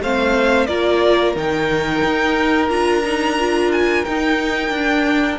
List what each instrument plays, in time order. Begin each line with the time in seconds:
0.00 cello A3, viola C4, violin C5 F5
0.66 cello A#3, viola F4, violin A#4 D5
1.35 cello D#3, viola D#4, violin G5
2.04 cello D#4
2.69 cello D4, viola F4, violin A#5
3.04 viola D#4
3.39 viola F4
3.72 violin G#5
4.04 viola D#4, cello D#4, violin G5
4.70 cello D4, viola D4